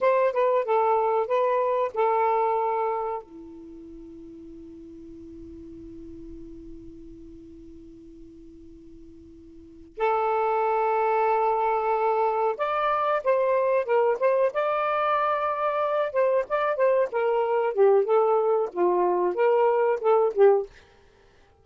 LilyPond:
\new Staff \with { instrumentName = "saxophone" } { \time 4/4 \tempo 4 = 93 c''8 b'8 a'4 b'4 a'4~ | a'4 e'2.~ | e'1~ | e'2.~ e'8 a'8~ |
a'2.~ a'8 d''8~ | d''8 c''4 ais'8 c''8 d''4.~ | d''4 c''8 d''8 c''8 ais'4 g'8 | a'4 f'4 ais'4 a'8 g'8 | }